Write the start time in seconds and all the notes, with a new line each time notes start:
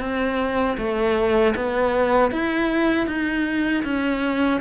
0.00 C4
0.78 A3
1.56 B3
2.31 E4
3.07 D#4
3.84 C#4